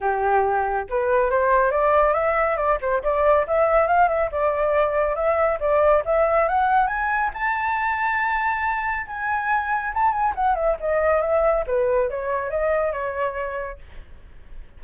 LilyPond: \new Staff \with { instrumentName = "flute" } { \time 4/4 \tempo 4 = 139 g'2 b'4 c''4 | d''4 e''4 d''8 c''8 d''4 | e''4 f''8 e''8 d''2 | e''4 d''4 e''4 fis''4 |
gis''4 a''2.~ | a''4 gis''2 a''8 gis''8 | fis''8 e''8 dis''4 e''4 b'4 | cis''4 dis''4 cis''2 | }